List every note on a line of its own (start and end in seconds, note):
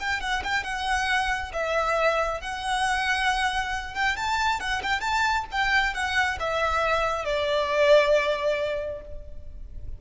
0.00 0.21 G5
0.21 0.43 F#5
0.44 0.64 G5
0.64 1.52 F#5
1.53 2.41 E5
2.41 3.94 F#5
3.94 4.17 G5
4.17 4.60 A5
4.60 4.82 F#5
4.83 5.01 G5
5.01 5.45 A5
5.52 5.94 G5
5.94 6.38 F#5
6.40 7.25 E5
7.25 9.01 D5